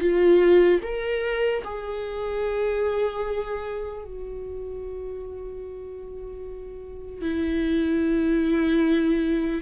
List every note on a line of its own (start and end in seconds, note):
0.00 0.80 F4
0.83 1.63 A#4
1.64 4.04 G#4
4.04 7.21 F#4
7.21 9.61 E4